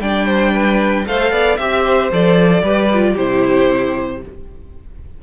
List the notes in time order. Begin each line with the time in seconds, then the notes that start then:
0.00 G3 D4 D5 G5
0.26 C5
0.53 B4
1.06 A3 A4 C5 F5
1.31 B3 D5
1.57 C4 G4 E5
1.83 C5
2.12 F3 A4 D5
2.63 G3 G4 B4
2.94 F4
3.13 C3 E4 G4 C5